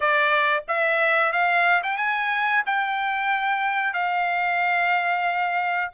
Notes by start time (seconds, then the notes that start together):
0.00 D5
0.67 E5
1.32 F5
1.83 G5
1.97 G#5
2.66 G5
3.93 F5